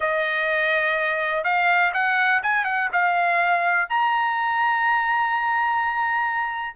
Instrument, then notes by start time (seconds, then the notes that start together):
trumpet
0.00 D#5
1.44 F5
1.93 F#5
2.42 G#5
2.64 F#5
2.92 F5
3.89 A#5